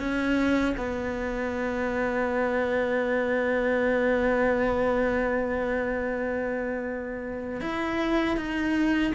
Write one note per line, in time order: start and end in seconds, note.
0.00 0.76 C#4
0.77 7.61 B3
7.61 8.37 E4
8.37 9.13 D#4